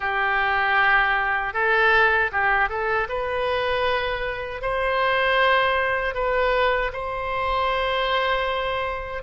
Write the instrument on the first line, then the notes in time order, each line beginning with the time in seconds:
oboe
0.00 G4
1.53 A4
2.32 G4
2.69 A4
3.08 B4
4.62 C5
6.14 B4
6.92 C5